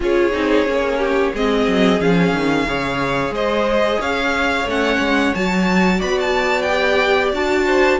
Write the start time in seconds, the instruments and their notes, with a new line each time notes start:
0.00 cello C#4, viola F4, violin G#4 C#5
0.32 cello C4, viola D#4
0.65 cello A#3, viola C#4
0.98 violin G4
1.33 cello G#3, viola C4, violin G#4 D#5
1.66 cello F#3
2.00 cello F3, viola C#4, violin F5
2.33 cello D#3
2.67 cello C#3, viola G#4, violin C#5
3.30 cello G#3, violin C5 D#5
3.99 cello C#4, violin C#5 F5
4.64 cello A3, viola C#4, violin F#5
4.98 cello G#3
5.34 cello F#3, viola F#4, violin A5
5.98 cello B3, violin D5 B5
6.20 violin A5
6.62 violin G5
6.68 viola G4
7.32 cello D4, viola F#4, violin A5
7.66 violin C5